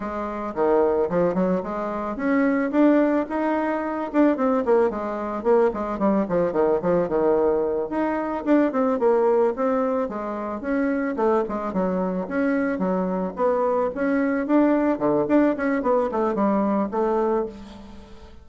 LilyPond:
\new Staff \with { instrumentName = "bassoon" } { \time 4/4 \tempo 4 = 110 gis4 dis4 f8 fis8 gis4 | cis'4 d'4 dis'4. d'8 | c'8 ais8 gis4 ais8 gis8 g8 f8 | dis8 f8 dis4. dis'4 d'8 |
c'8 ais4 c'4 gis4 cis'8~ | cis'8 a8 gis8 fis4 cis'4 fis8~ | fis8 b4 cis'4 d'4 d8 | d'8 cis'8 b8 a8 g4 a4 | }